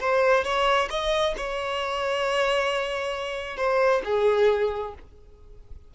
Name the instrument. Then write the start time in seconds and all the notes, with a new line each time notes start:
violin
0.00 C5
0.44 C#5
0.90 D#5
1.37 C#5
3.57 C5
4.04 G#4